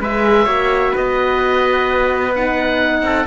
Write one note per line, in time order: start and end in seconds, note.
0.00 0.47 G#3
0.00 0.47 G#4
0.00 0.44 B4
0.00 0.96 E5
0.44 0.93 A#3
0.44 2.33 F#4
0.44 0.91 C#5
0.92 3.03 B3
0.92 3.01 B4
0.92 2.35 D#5
2.35 3.28 D#4
2.35 3.28 F#5
3.03 3.26 C4
3.03 3.28 A4